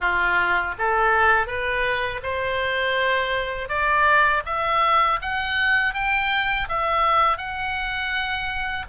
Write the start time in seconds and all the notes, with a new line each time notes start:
0.00 F4
0.78 A4
1.46 B4
2.23 C5
3.68 D5
4.45 E5
5.21 F#5
5.94 G5
6.68 E5
7.37 F#5